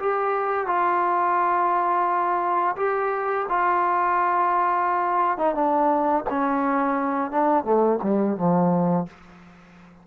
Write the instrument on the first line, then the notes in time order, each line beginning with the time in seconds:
trombone
0.00 G4
0.67 F4
2.77 G4
3.49 F4
5.38 D#4
5.55 D4
6.30 C#4
7.31 D4
7.65 A3
8.03 G3
8.37 F3